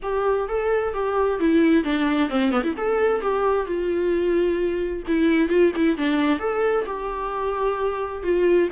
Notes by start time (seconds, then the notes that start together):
0.02 G4
0.48 A4
0.93 G4
1.39 E4
1.84 D4
2.29 C4
2.51 B3
2.63 E4
2.77 A4
3.21 G4
3.66 F4
5.07 E4
5.49 F4
5.75 E4
5.97 D4
6.39 A4
6.86 G4
8.23 F4